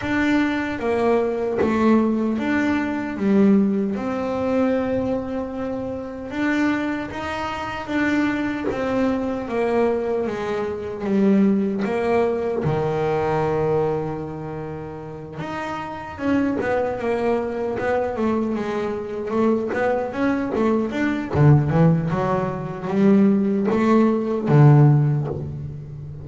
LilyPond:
\new Staff \with { instrumentName = "double bass" } { \time 4/4 \tempo 4 = 76 d'4 ais4 a4 d'4 | g4 c'2. | d'4 dis'4 d'4 c'4 | ais4 gis4 g4 ais4 |
dis2.~ dis8 dis'8~ | dis'8 cis'8 b8 ais4 b8 a8 gis8~ | gis8 a8 b8 cis'8 a8 d'8 d8 e8 | fis4 g4 a4 d4 | }